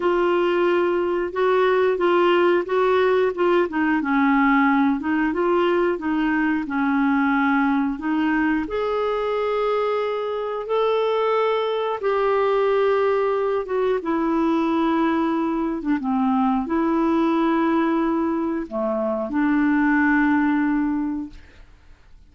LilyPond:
\new Staff \with { instrumentName = "clarinet" } { \time 4/4 \tempo 4 = 90 f'2 fis'4 f'4 | fis'4 f'8 dis'8 cis'4. dis'8 | f'4 dis'4 cis'2 | dis'4 gis'2. |
a'2 g'2~ | g'8 fis'8 e'2~ e'8. d'16 | c'4 e'2. | a4 d'2. | }